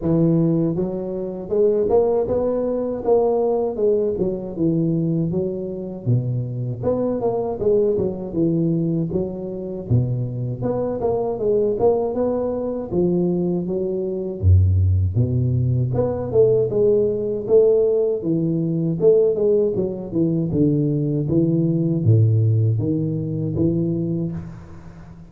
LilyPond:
\new Staff \with { instrumentName = "tuba" } { \time 4/4 \tempo 4 = 79 e4 fis4 gis8 ais8 b4 | ais4 gis8 fis8 e4 fis4 | b,4 b8 ais8 gis8 fis8 e4 | fis4 b,4 b8 ais8 gis8 ais8 |
b4 f4 fis4 fis,4 | b,4 b8 a8 gis4 a4 | e4 a8 gis8 fis8 e8 d4 | e4 a,4 dis4 e4 | }